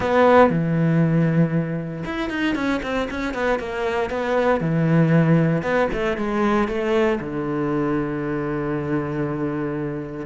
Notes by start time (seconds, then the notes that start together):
0.00 B3
0.50 E3
2.05 E4
2.29 D#4
2.55 C#4
2.82 C4
3.10 C#4
3.34 B3
3.59 A#3
4.10 B3
4.60 E3
5.62 B3
5.92 A3
6.17 G#3
6.68 A3
7.20 D3